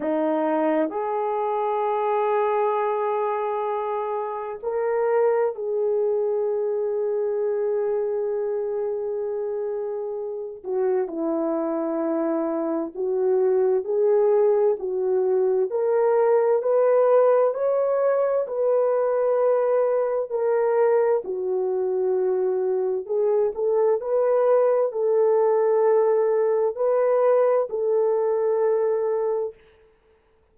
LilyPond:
\new Staff \with { instrumentName = "horn" } { \time 4/4 \tempo 4 = 65 dis'4 gis'2.~ | gis'4 ais'4 gis'2~ | gis'2.~ gis'8 fis'8 | e'2 fis'4 gis'4 |
fis'4 ais'4 b'4 cis''4 | b'2 ais'4 fis'4~ | fis'4 gis'8 a'8 b'4 a'4~ | a'4 b'4 a'2 | }